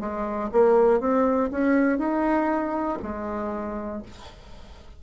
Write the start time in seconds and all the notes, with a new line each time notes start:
0.00 G#3
0.52 A#3
1.00 C4
1.51 C#4
1.99 D#4
3.03 G#3